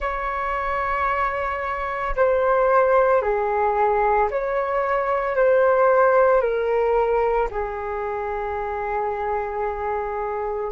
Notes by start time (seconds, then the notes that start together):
0.00 C#5
2.16 C5
3.21 G#4
4.30 C#5
5.36 C5
6.41 A#4
7.50 G#4